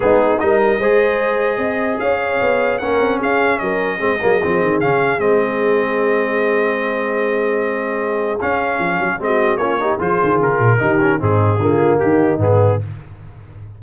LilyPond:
<<
  \new Staff \with { instrumentName = "trumpet" } { \time 4/4 \tempo 4 = 150 gis'4 dis''2.~ | dis''4 f''2 fis''4 | f''4 dis''2. | f''4 dis''2.~ |
dis''1~ | dis''4 f''2 dis''4 | cis''4 c''4 ais'2 | gis'2 g'4 gis'4 | }
  \new Staff \with { instrumentName = "horn" } { \time 4/4 dis'4 ais'4 c''2 | dis''4 cis''2 ais'4 | gis'4 ais'4 gis'2~ | gis'1~ |
gis'1~ | gis'2. fis'4 | f'8 g'8 gis'2 g'4 | dis'4 f'4 dis'2 | }
  \new Staff \with { instrumentName = "trombone" } { \time 4/4 b4 dis'4 gis'2~ | gis'2. cis'4~ | cis'2 c'8 ais8 c'4 | cis'4 c'2.~ |
c'1~ | c'4 cis'2 c'4 | cis'8 dis'8 f'2 dis'8 cis'8 | c'4 ais2 b4 | }
  \new Staff \with { instrumentName = "tuba" } { \time 4/4 gis4 g4 gis2 | c'4 cis'4 b4 ais8 c'8 | cis'4 fis4 gis8 fis8 f8 dis8 | cis4 gis2.~ |
gis1~ | gis4 cis'4 f8 fis8 gis4 | ais4 f8 dis8 cis8 ais,8 dis4 | gis,4 d4 dis4 gis,4 | }
>>